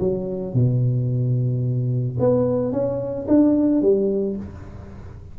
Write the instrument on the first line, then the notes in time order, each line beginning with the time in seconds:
tuba
0.00 F#3
0.54 B2
2.20 B3
2.72 C#4
3.28 D4
3.82 G3